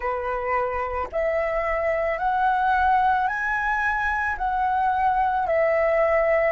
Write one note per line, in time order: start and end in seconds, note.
0.00 1.08 B4
1.12 2.18 E5
2.18 3.27 F#5
3.27 4.36 G#5
4.37 5.46 F#5
5.46 6.52 E5